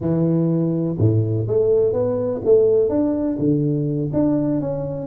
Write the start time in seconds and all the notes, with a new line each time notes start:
0.00 E3
0.98 A2
1.47 A3
1.92 B3
2.44 A3
2.89 D4
3.38 D3
4.13 D4
4.60 C#4